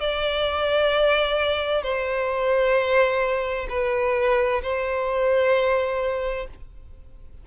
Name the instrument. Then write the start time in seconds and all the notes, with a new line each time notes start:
violin
0.00 D5
1.83 C5
3.69 B4
4.62 C5